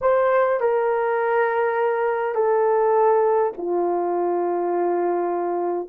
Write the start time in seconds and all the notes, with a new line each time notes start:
0.01 C5
0.60 A#4
2.34 A4
3.57 F4